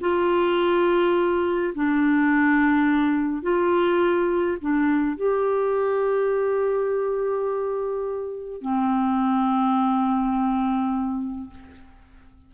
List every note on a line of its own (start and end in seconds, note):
0.00 1.73 F4
1.75 3.42 D4
3.42 4.57 F4
4.60 5.16 D4
5.16 8.61 G4
8.61 11.50 C4